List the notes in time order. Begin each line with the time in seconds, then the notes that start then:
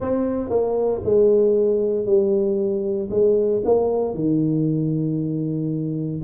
0.00 C4
0.49 A#3
1.03 G#3
2.05 G3
3.10 G#3
3.64 A#3
4.14 D#3